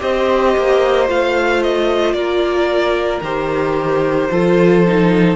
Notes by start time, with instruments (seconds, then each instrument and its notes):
0.00 cello C4, viola G4, violin C5 D#5
0.56 cello A#3
1.07 cello A3, viola F4, violin F5
1.62 violin D#5
2.13 cello A#3, violin A#4 D5
3.21 cello D#3, viola G4, violin C5
4.31 cello F3, viola F4, violin A4
4.87 viola D#4